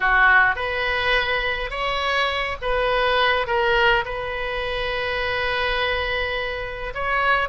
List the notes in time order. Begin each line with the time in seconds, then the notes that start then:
0.00 F#4
0.55 B4
1.70 C#5
2.61 B4
3.46 A#4
4.05 B4
6.94 C#5